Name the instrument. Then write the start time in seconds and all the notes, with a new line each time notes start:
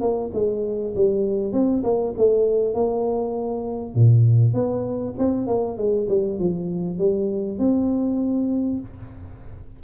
tuba
0.00 A#3
0.33 G#3
0.95 G3
1.52 C4
1.83 A#3
2.17 A3
2.74 A#3
3.94 A#2
4.53 B3
5.18 C4
5.47 A#3
5.77 G#3
6.08 G3
6.39 F3
6.98 G3
7.58 C4